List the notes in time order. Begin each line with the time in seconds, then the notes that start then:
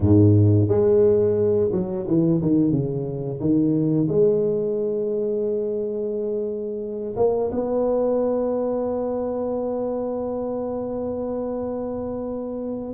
0.00 G#2
0.68 G#3
1.72 F#3
2.07 E3
2.41 D#3
2.71 C#3
3.39 D#3
4.08 G#3
7.16 A#3
7.51 B3